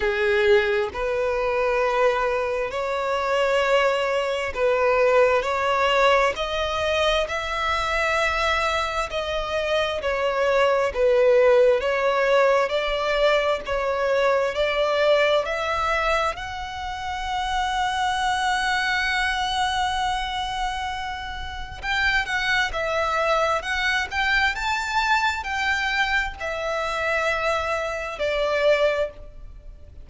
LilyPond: \new Staff \with { instrumentName = "violin" } { \time 4/4 \tempo 4 = 66 gis'4 b'2 cis''4~ | cis''4 b'4 cis''4 dis''4 | e''2 dis''4 cis''4 | b'4 cis''4 d''4 cis''4 |
d''4 e''4 fis''2~ | fis''1 | g''8 fis''8 e''4 fis''8 g''8 a''4 | g''4 e''2 d''4 | }